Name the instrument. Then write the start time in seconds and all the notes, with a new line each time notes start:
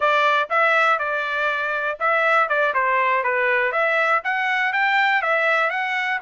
trumpet
0.00 D5
0.49 E5
0.98 D5
1.99 E5
2.48 D5
2.74 C5
3.23 B4
3.72 E5
4.24 F#5
4.72 G5
5.22 E5
5.70 F#5